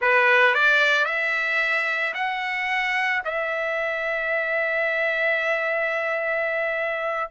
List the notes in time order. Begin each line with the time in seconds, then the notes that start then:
0.01 B4
0.54 D5
1.05 E5
2.14 F#5
3.24 E5